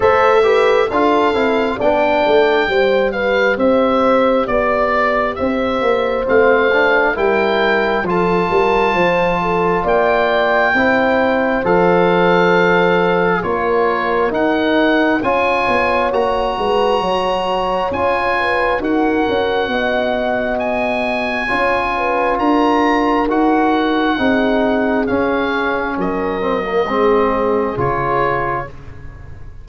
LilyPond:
<<
  \new Staff \with { instrumentName = "oboe" } { \time 4/4 \tempo 4 = 67 e''4 f''4 g''4. f''8 | e''4 d''4 e''4 f''4 | g''4 a''2 g''4~ | g''4 f''2 cis''4 |
fis''4 gis''4 ais''2 | gis''4 fis''2 gis''4~ | gis''4 ais''4 fis''2 | f''4 dis''2 cis''4 | }
  \new Staff \with { instrumentName = "horn" } { \time 4/4 c''8 b'8 a'4 d''4 c''8 b'8 | c''4 d''4 c''2 | ais'4 a'8 ais'8 c''8 a'8 d''4 | c''2. ais'4~ |
ais'4 cis''4. b'8 cis''4~ | cis''8 b'8 ais'4 dis''2 | cis''8 b'8 ais'2 gis'4~ | gis'4 ais'4 gis'2 | }
  \new Staff \with { instrumentName = "trombone" } { \time 4/4 a'8 g'8 f'8 e'8 d'4 g'4~ | g'2. c'8 d'8 | e'4 f'2. | e'4 a'2 f'4 |
dis'4 f'4 fis'2 | f'4 fis'2. | f'2 fis'4 dis'4 | cis'4. c'16 ais16 c'4 f'4 | }
  \new Staff \with { instrumentName = "tuba" } { \time 4/4 a4 d'8 c'8 b8 a8 g4 | c'4 b4 c'8 ais8 a4 | g4 f8 g8 f4 ais4 | c'4 f2 ais4 |
dis'4 cis'8 b8 ais8 gis8 fis4 | cis'4 dis'8 cis'8 b2 | cis'4 d'4 dis'4 c'4 | cis'4 fis4 gis4 cis4 | }
>>